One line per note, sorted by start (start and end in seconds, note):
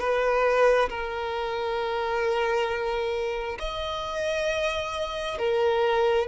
0.00 0.90 B4
0.90 3.59 A#4
3.59 5.39 D#5
5.39 6.28 A#4